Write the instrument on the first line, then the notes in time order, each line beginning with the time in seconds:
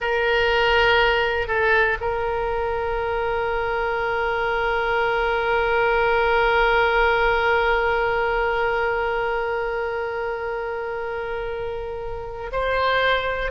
oboe
0.00 A#4
1.47 A4
2.00 A#4
12.51 C5